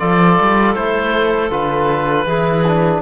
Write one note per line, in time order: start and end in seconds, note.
0.00 0.39 F3
0.00 0.76 F4
0.00 2.27 A4
0.00 0.75 D5
0.41 0.76 G3
0.75 1.50 A3
0.75 1.51 E4
0.75 1.51 C5
1.50 2.25 D3
1.50 2.27 F4
1.50 3.02 B4
2.25 3.01 E3
2.25 2.65 E4
2.25 3.02 G#4
2.67 3.02 D4